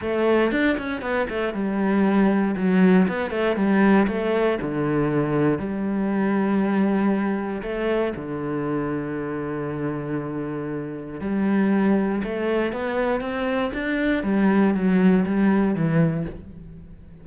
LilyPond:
\new Staff \with { instrumentName = "cello" } { \time 4/4 \tempo 4 = 118 a4 d'8 cis'8 b8 a8 g4~ | g4 fis4 b8 a8 g4 | a4 d2 g4~ | g2. a4 |
d1~ | d2 g2 | a4 b4 c'4 d'4 | g4 fis4 g4 e4 | }